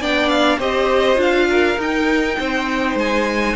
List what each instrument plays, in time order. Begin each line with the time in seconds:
0.00 cello B3, viola D4, violin D5 G5
0.29 violin F5
0.57 cello C4, viola G4, violin C5 D#5
1.15 cello D4, viola F4, violin F5
1.49 violin A#4
1.77 cello D#4, viola D#4, violin G5
2.39 cello C4, violin C5
2.95 cello G#3, violin G#5